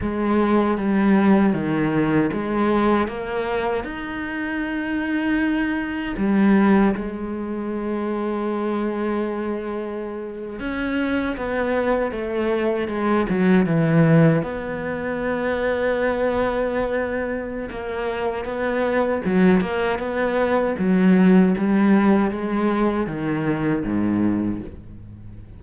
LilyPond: \new Staff \with { instrumentName = "cello" } { \time 4/4 \tempo 4 = 78 gis4 g4 dis4 gis4 | ais4 dis'2. | g4 gis2.~ | gis4.~ gis16 cis'4 b4 a16~ |
a8. gis8 fis8 e4 b4~ b16~ | b2. ais4 | b4 fis8 ais8 b4 fis4 | g4 gis4 dis4 gis,4 | }